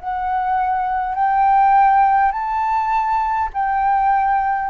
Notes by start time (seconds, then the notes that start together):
0.00 F#5
1.15 G5
2.32 A5
3.54 G5